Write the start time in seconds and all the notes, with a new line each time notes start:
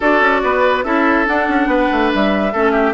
0.00 D4 F#4 A4 D5
0.20 C#4
0.43 B3 B4
0.83 C#4 E4 A4 E5
1.25 D4 F#5
1.48 C#4
1.66 B3 B4
1.91 A3
2.13 G3 E5
2.52 A3 C#4 A4
2.72 G4